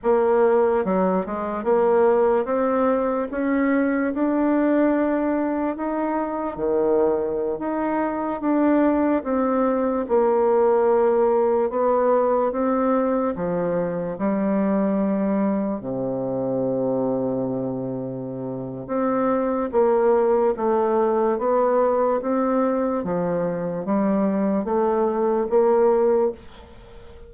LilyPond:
\new Staff \with { instrumentName = "bassoon" } { \time 4/4 \tempo 4 = 73 ais4 fis8 gis8 ais4 c'4 | cis'4 d'2 dis'4 | dis4~ dis16 dis'4 d'4 c'8.~ | c'16 ais2 b4 c'8.~ |
c'16 f4 g2 c8.~ | c2. c'4 | ais4 a4 b4 c'4 | f4 g4 a4 ais4 | }